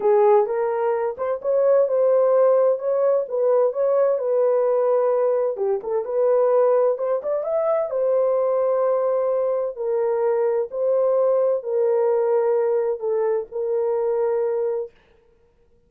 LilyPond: \new Staff \with { instrumentName = "horn" } { \time 4/4 \tempo 4 = 129 gis'4 ais'4. c''8 cis''4 | c''2 cis''4 b'4 | cis''4 b'2. | g'8 a'8 b'2 c''8 d''8 |
e''4 c''2.~ | c''4 ais'2 c''4~ | c''4 ais'2. | a'4 ais'2. | }